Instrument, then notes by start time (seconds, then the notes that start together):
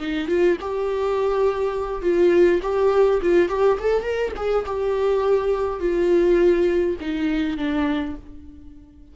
viola
0.00 D#4
0.29 F4
0.61 G4
2.03 F4
2.63 G4
3.23 F4
3.49 G4
3.80 A4
4.03 A#4
4.37 G#4
4.67 G4
5.80 F4
7.01 D#4
7.58 D4